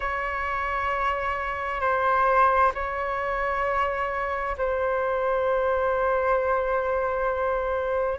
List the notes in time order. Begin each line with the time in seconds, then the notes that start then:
0.00 C#5
1.81 C5
2.74 C#5
4.57 C5